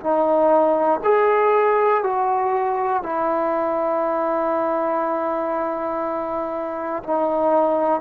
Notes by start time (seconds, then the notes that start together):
0.00 D#4
1.04 G#4
2.03 F#4
3.03 E4
7.03 D#4